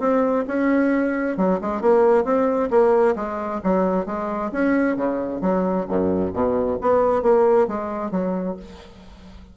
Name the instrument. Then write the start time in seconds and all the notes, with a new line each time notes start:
bassoon
0.00 C4
0.48 C#4
1.37 F#3
1.61 G#3
1.81 A#3
2.25 C4
2.70 A#3
3.16 G#3
3.64 F#3
4.06 G#3
4.52 C#4
4.97 C#3
5.41 F#3
5.89 F#2
6.33 B2
6.81 B3
7.23 A#3
7.68 G#3
8.11 F#3